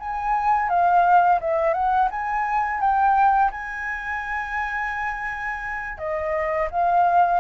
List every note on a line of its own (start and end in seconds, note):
0.00 0.69 G#5
0.69 1.40 F5
1.41 1.74 E5
1.74 2.09 F#5
2.11 2.80 G#5
2.80 3.51 G5
3.52 5.98 G#5
5.98 6.69 D#5
6.71 7.40 F5